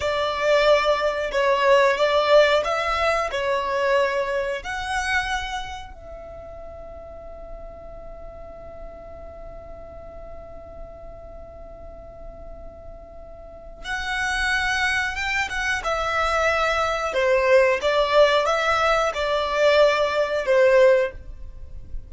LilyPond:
\new Staff \with { instrumentName = "violin" } { \time 4/4 \tempo 4 = 91 d''2 cis''4 d''4 | e''4 cis''2 fis''4~ | fis''4 e''2.~ | e''1~ |
e''1~ | e''4 fis''2 g''8 fis''8 | e''2 c''4 d''4 | e''4 d''2 c''4 | }